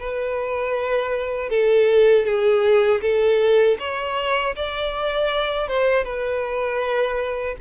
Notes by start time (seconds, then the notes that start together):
0.00 B4
1.50 A4
2.25 G#4
3.02 A4
3.80 C#5
4.56 D5
5.68 C5
6.04 B4